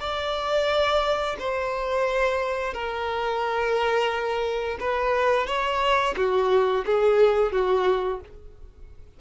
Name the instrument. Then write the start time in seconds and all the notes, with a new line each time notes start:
violin
0.00 D5
1.39 C5
2.73 A#4
4.80 B4
5.47 C#5
6.17 F#4
6.86 G#4
7.52 F#4